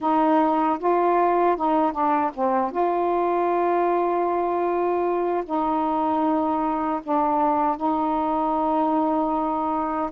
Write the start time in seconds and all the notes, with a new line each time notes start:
0.00 D#4
0.79 F4
1.56 D#4
1.92 D4
2.33 C4
2.71 F4
5.45 D#4
7.03 D4
7.76 D#4